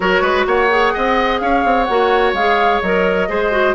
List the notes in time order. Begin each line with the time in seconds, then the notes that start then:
0.00 F#3 F#4 A#4 C#5
0.21 G#3 B4
0.46 A#3 C#5 F#5
0.69 G#4
0.93 C4 D#5
1.39 C#4 C#5 F5
1.64 C4
1.84 A#3 F#4 F#5
2.33 G#3 G#4 F5
2.81 F#3 A#4 D#5
3.28 G#3 G#4 C5
3.51 F#4